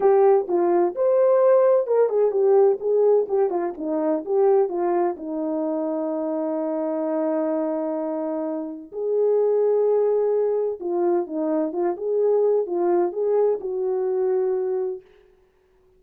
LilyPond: \new Staff \with { instrumentName = "horn" } { \time 4/4 \tempo 4 = 128 g'4 f'4 c''2 | ais'8 gis'8 g'4 gis'4 g'8 f'8 | dis'4 g'4 f'4 dis'4~ | dis'1~ |
dis'2. gis'4~ | gis'2. f'4 | dis'4 f'8 gis'4. f'4 | gis'4 fis'2. | }